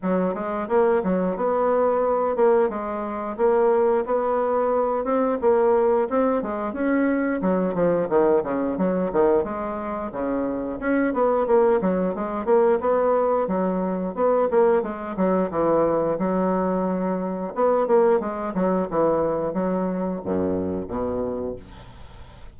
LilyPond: \new Staff \with { instrumentName = "bassoon" } { \time 4/4 \tempo 4 = 89 fis8 gis8 ais8 fis8 b4. ais8 | gis4 ais4 b4. c'8 | ais4 c'8 gis8 cis'4 fis8 f8 | dis8 cis8 fis8 dis8 gis4 cis4 |
cis'8 b8 ais8 fis8 gis8 ais8 b4 | fis4 b8 ais8 gis8 fis8 e4 | fis2 b8 ais8 gis8 fis8 | e4 fis4 fis,4 b,4 | }